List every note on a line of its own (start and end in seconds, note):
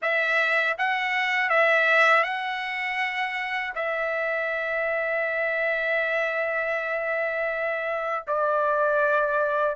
0.01 0.76 E5
0.78 1.49 F#5
1.49 2.23 E5
2.23 3.73 F#5
3.75 8.25 E5
8.27 9.75 D5